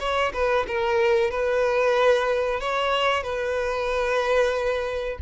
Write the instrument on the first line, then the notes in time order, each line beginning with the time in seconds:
violin
0.00 C#5
0.34 B4
0.68 A#4
1.31 B4
2.61 C#5
3.23 B4